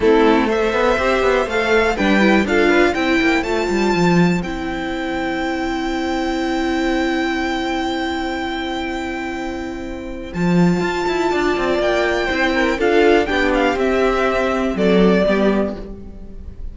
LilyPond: <<
  \new Staff \with { instrumentName = "violin" } { \time 4/4 \tempo 4 = 122 a'4 e''2 f''4 | g''4 f''4 g''4 a''4~ | a''4 g''2.~ | g''1~ |
g''1~ | g''4 a''2. | g''2 f''4 g''8 f''8 | e''2 d''2 | }
  \new Staff \with { instrumentName = "violin" } { \time 4/4 e'4 c''2. | b'4 a'8 b'8 c''2~ | c''1~ | c''1~ |
c''1~ | c''2. d''4~ | d''4 c''8 ais'8 a'4 g'4~ | g'2 a'4 g'4 | }
  \new Staff \with { instrumentName = "viola" } { \time 4/4 c'4 a'4 g'4 a'4 | d'8 e'8 f'4 e'4 f'4~ | f'4 e'2.~ | e'1~ |
e'1~ | e'4 f'2.~ | f'4 e'4 f'4 d'4 | c'2. b4 | }
  \new Staff \with { instrumentName = "cello" } { \time 4/4 a4. b8 c'8 b8 a4 | g4 d'4 c'8 ais8 a8 g8 | f4 c'2.~ | c'1~ |
c'1~ | c'4 f4 f'8 e'8 d'8 c'8 | ais4 c'4 d'4 b4 | c'2 fis4 g4 | }
>>